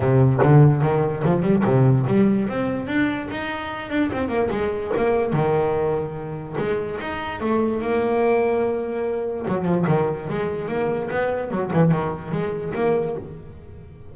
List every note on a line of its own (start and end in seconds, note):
0.00 0.39 C3
0.42 0.82 D3
0.82 1.23 D#3
1.24 1.42 F3
1.42 1.63 G3
1.64 2.05 C3
2.07 2.48 G3
2.48 2.87 C4
2.87 3.28 D4
3.30 3.89 D#4
3.89 4.10 D4
4.12 4.28 C4
4.28 4.49 A#3
4.50 4.91 G#3
4.96 5.33 A#3
5.33 6.56 D#3
6.58 6.99 G#3
7.00 7.40 D#4
7.40 7.81 A3
7.81 9.46 A#3
9.47 9.64 F#3
9.64 9.85 F3
9.87 10.29 D#3
10.29 10.68 G#3
10.68 11.09 A#3
11.10 11.50 B3
11.50 11.71 F#3
11.73 11.91 E3
11.91 12.31 D#3
12.31 12.72 G#3
12.74 13.15 A#3